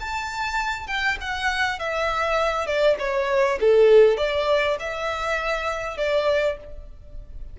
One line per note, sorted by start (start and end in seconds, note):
0.00 0.87 A5
0.87 1.17 G5
1.21 1.79 F#5
1.79 2.66 E5
2.66 2.96 D5
2.99 3.59 C#5
3.60 4.17 A4
4.17 4.77 D5
4.80 5.97 E5
5.97 6.57 D5